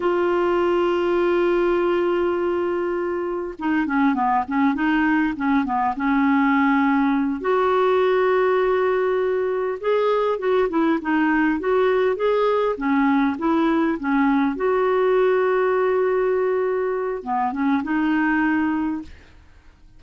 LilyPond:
\new Staff \with { instrumentName = "clarinet" } { \time 4/4 \tempo 4 = 101 f'1~ | f'2 dis'8 cis'8 b8 cis'8 | dis'4 cis'8 b8 cis'2~ | cis'8 fis'2.~ fis'8~ |
fis'8 gis'4 fis'8 e'8 dis'4 fis'8~ | fis'8 gis'4 cis'4 e'4 cis'8~ | cis'8 fis'2.~ fis'8~ | fis'4 b8 cis'8 dis'2 | }